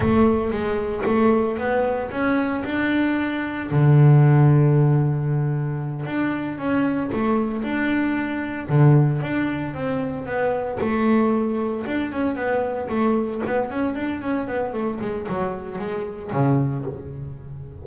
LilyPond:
\new Staff \with { instrumentName = "double bass" } { \time 4/4 \tempo 4 = 114 a4 gis4 a4 b4 | cis'4 d'2 d4~ | d2.~ d8 d'8~ | d'8 cis'4 a4 d'4.~ |
d'8 d4 d'4 c'4 b8~ | b8 a2 d'8 cis'8 b8~ | b8 a4 b8 cis'8 d'8 cis'8 b8 | a8 gis8 fis4 gis4 cis4 | }